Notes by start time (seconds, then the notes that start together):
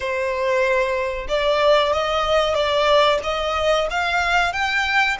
0.00 C5
1.28 D5
1.92 D#5
2.54 D5
3.23 D#5
3.90 F5
4.52 G5